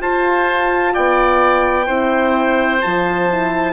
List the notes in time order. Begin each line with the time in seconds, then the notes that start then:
0.00 F4 C5 A5
0.93 B3 D5 G5
1.86 C4 E4 C5
2.82 F3 F4 A5
3.30 E4